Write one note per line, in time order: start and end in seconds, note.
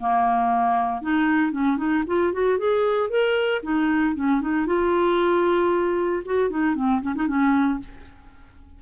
0.00 1.02 A#3
1.02 1.52 D#4
1.52 1.78 C#4
1.78 2.04 D#4
2.08 2.33 F4
2.33 2.59 F#4
2.59 3.10 G#4
3.10 3.62 A#4
3.63 4.15 D#4
4.16 4.42 C#4
4.42 4.67 D#4
4.67 6.23 F4
6.26 6.51 F#4
6.51 6.76 D#4
6.76 7.02 C4
7.02 7.15 C#4
7.16 7.28 D#4
7.28 7.80 C#4